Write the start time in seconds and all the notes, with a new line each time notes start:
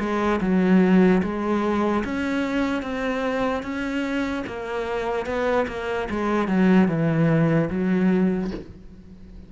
0.00 G#3
0.41 F#3
1.23 G#3
2.05 C#4
2.83 C4
3.63 C#4
4.47 A#3
5.26 B3
5.68 A#3
6.10 G#3
6.48 F#3
6.88 E3
7.70 F#3